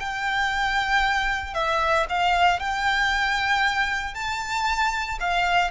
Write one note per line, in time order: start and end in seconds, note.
0.00 1.54 G5
1.54 2.06 E5
2.09 2.60 F5
2.60 4.15 G5
4.15 5.19 A5
5.20 5.71 F5